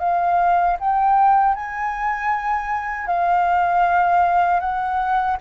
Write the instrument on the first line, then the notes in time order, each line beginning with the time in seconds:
flute
0.00 F5
0.80 G5
1.55 G#5
3.07 F5
4.60 F#5